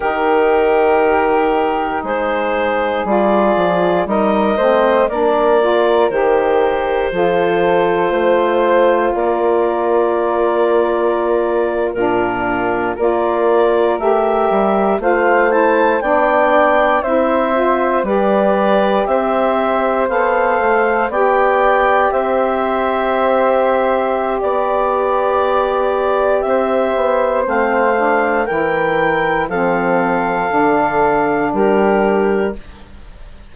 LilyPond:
<<
  \new Staff \with { instrumentName = "clarinet" } { \time 4/4 \tempo 4 = 59 ais'2 c''4 d''4 | dis''4 d''4 c''2~ | c''4 d''2~ d''8. ais'16~ | ais'8. d''4 e''4 f''8 a''8 g''16~ |
g''8. e''4 d''4 e''4 f''16~ | f''8. g''4 e''2~ e''16 | d''2 e''4 f''4 | g''4 f''2 ais'4 | }
  \new Staff \with { instrumentName = "flute" } { \time 4/4 g'2 gis'2 | ais'8 c''8 ais'2 a'4 | c''4 ais'2~ ais'8. f'16~ | f'8. ais'2 c''4 d''16~ |
d''8. c''4 b'4 c''4~ c''16~ | c''8. d''4 c''2~ c''16 | d''2 c''2 | ais'4 a'2 g'4 | }
  \new Staff \with { instrumentName = "saxophone" } { \time 4/4 dis'2. f'4 | dis'8 c'8 d'8 f'8 g'4 f'4~ | f'2.~ f'8. d'16~ | d'8. f'4 g'4 f'8 e'8 d'16~ |
d'8. e'8 f'8 g'2 a'16~ | a'8. g'2.~ g'16~ | g'2. c'8 d'8 | e'4 c'4 d'2 | }
  \new Staff \with { instrumentName = "bassoon" } { \time 4/4 dis2 gis4 g8 f8 | g8 a8 ais4 dis4 f4 | a4 ais2~ ais8. ais,16~ | ais,8. ais4 a8 g8 a4 b16~ |
b8. c'4 g4 c'4 b16~ | b16 a8 b4 c'2~ c'16 | b2 c'8 b8 a4 | e4 f4 d4 g4 | }
>>